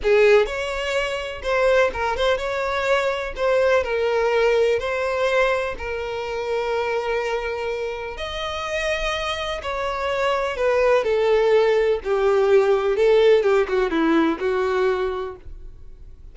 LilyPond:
\new Staff \with { instrumentName = "violin" } { \time 4/4 \tempo 4 = 125 gis'4 cis''2 c''4 | ais'8 c''8 cis''2 c''4 | ais'2 c''2 | ais'1~ |
ais'4 dis''2. | cis''2 b'4 a'4~ | a'4 g'2 a'4 | g'8 fis'8 e'4 fis'2 | }